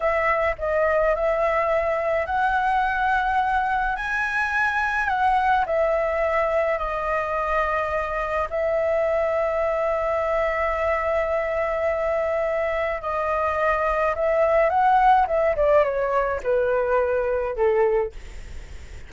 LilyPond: \new Staff \with { instrumentName = "flute" } { \time 4/4 \tempo 4 = 106 e''4 dis''4 e''2 | fis''2. gis''4~ | gis''4 fis''4 e''2 | dis''2. e''4~ |
e''1~ | e''2. dis''4~ | dis''4 e''4 fis''4 e''8 d''8 | cis''4 b'2 a'4 | }